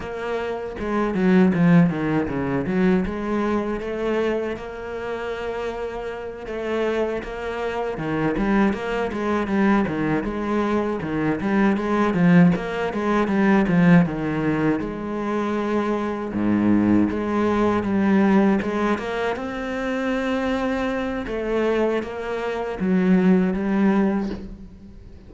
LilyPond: \new Staff \with { instrumentName = "cello" } { \time 4/4 \tempo 4 = 79 ais4 gis8 fis8 f8 dis8 cis8 fis8 | gis4 a4 ais2~ | ais8 a4 ais4 dis8 g8 ais8 | gis8 g8 dis8 gis4 dis8 g8 gis8 |
f8 ais8 gis8 g8 f8 dis4 gis8~ | gis4. gis,4 gis4 g8~ | g8 gis8 ais8 c'2~ c'8 | a4 ais4 fis4 g4 | }